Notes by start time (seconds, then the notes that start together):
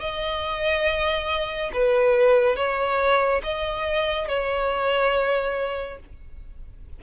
0.00 D#5
1.73 B4
2.56 C#5
3.43 D#5
4.28 C#5